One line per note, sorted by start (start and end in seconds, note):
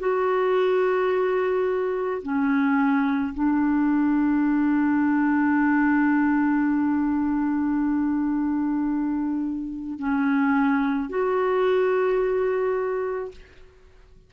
0.00 2.22 F#4
2.23 3.34 C#4
3.34 9.99 D4
9.99 11.10 C#4
11.10 13.32 F#4